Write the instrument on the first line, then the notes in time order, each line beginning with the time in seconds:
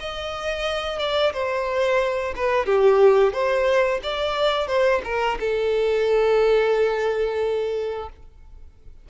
violin
0.00 D#5
0.99 D5
1.33 C5
2.36 B4
2.66 G4
3.33 C5
4.03 D5
4.68 C5
5.04 A#4
5.40 A4